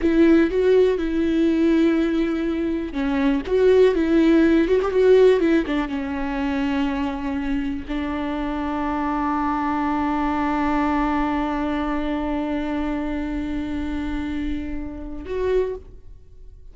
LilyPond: \new Staff \with { instrumentName = "viola" } { \time 4/4 \tempo 4 = 122 e'4 fis'4 e'2~ | e'2 cis'4 fis'4 | e'4. fis'16 g'16 fis'4 e'8 d'8 | cis'1 |
d'1~ | d'1~ | d'1~ | d'2. fis'4 | }